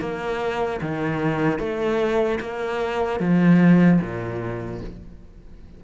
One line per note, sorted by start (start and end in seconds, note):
0.00 0.80 A#3
0.81 1.59 D#3
1.59 2.39 A3
2.40 3.20 A#3
3.20 4.00 F3
4.01 4.81 A#2